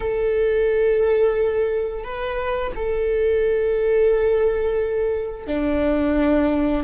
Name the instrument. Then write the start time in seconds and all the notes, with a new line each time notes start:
viola
0.00 A4
2.04 B4
2.75 A4
5.47 D4